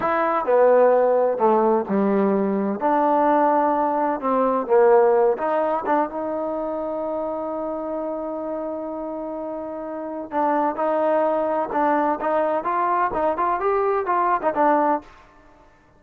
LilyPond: \new Staff \with { instrumentName = "trombone" } { \time 4/4 \tempo 4 = 128 e'4 b2 a4 | g2 d'2~ | d'4 c'4 ais4. dis'8~ | dis'8 d'8 dis'2.~ |
dis'1~ | dis'2 d'4 dis'4~ | dis'4 d'4 dis'4 f'4 | dis'8 f'8 g'4 f'8. dis'16 d'4 | }